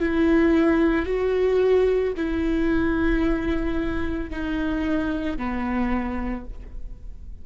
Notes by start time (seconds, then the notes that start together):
0.00 E4
1.06 F#4
2.17 E4
4.30 D#4
5.37 B3